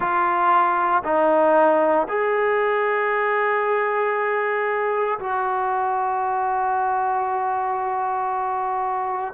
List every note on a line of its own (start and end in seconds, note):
0.00 1.03 F4
1.03 2.07 D#4
2.08 5.19 G#4
5.19 9.33 F#4